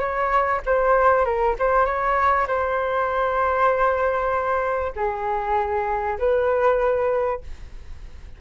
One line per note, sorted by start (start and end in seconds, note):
0.00 0.61 C#5
0.66 1.25 C5
1.25 1.55 A#4
1.59 1.85 C5
1.85 2.47 C#5
2.47 4.92 C5
4.96 6.18 G#4
6.19 7.41 B4